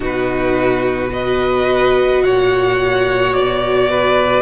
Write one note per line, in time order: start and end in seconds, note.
0.00 2.22 B2
0.00 1.09 D#4
0.00 1.10 F#4
0.00 1.13 B4
1.09 4.42 F#4
1.09 2.23 B4
1.09 2.23 D#5
2.22 3.33 A#2
2.22 3.90 C#5
2.22 3.33 F#5
3.33 4.42 B2
3.33 4.42 D5
3.90 4.42 B4